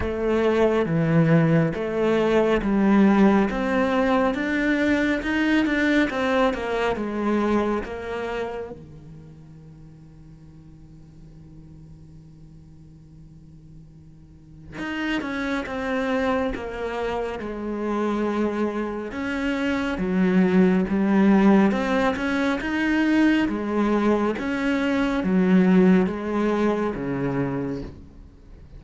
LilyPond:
\new Staff \with { instrumentName = "cello" } { \time 4/4 \tempo 4 = 69 a4 e4 a4 g4 | c'4 d'4 dis'8 d'8 c'8 ais8 | gis4 ais4 dis2~ | dis1~ |
dis4 dis'8 cis'8 c'4 ais4 | gis2 cis'4 fis4 | g4 c'8 cis'8 dis'4 gis4 | cis'4 fis4 gis4 cis4 | }